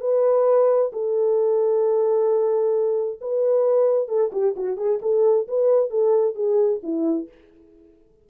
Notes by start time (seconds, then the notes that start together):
0.00 B4
0.92 A4
3.21 B4
4.08 A4
4.32 G4
4.56 F#4
4.76 G#4
5.02 A4
5.48 B4
5.90 A4
6.35 G#4
6.83 E4